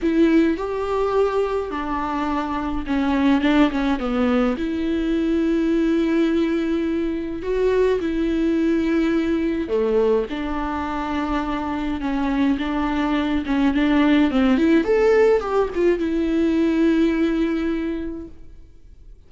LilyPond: \new Staff \with { instrumentName = "viola" } { \time 4/4 \tempo 4 = 105 e'4 g'2 d'4~ | d'4 cis'4 d'8 cis'8 b4 | e'1~ | e'4 fis'4 e'2~ |
e'4 a4 d'2~ | d'4 cis'4 d'4. cis'8 | d'4 c'8 e'8 a'4 g'8 f'8 | e'1 | }